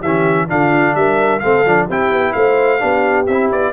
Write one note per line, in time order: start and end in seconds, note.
0.00 0.49 E3
0.00 0.47 G4
0.00 0.49 E5
0.06 0.48 C#4
0.48 0.95 D3
0.48 1.41 D4
0.48 0.96 F4
0.48 0.95 F5
0.95 1.41 G3
0.95 1.44 A#4
0.95 1.39 E5
1.39 1.66 A3
1.39 1.65 C4
1.39 1.87 A4
1.39 1.86 F5
1.66 1.89 F3
1.66 1.89 D4
1.87 2.11 C4
1.87 2.79 E4
1.87 2.33 G4
1.87 2.33 G5
2.11 2.34 B3
2.33 2.82 A3
2.33 2.80 C5
2.33 3.26 F5
2.79 3.28 B3
2.79 3.26 D4
2.79 3.73 G4
3.26 3.51 C4
3.26 3.73 E4
3.26 3.50 E5
3.52 3.73 B3
3.52 3.73 D5